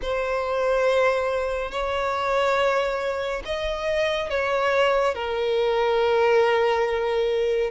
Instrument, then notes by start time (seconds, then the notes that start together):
violin
0.02 C5
1.71 C#5
3.45 D#5
4.29 C#5
5.14 A#4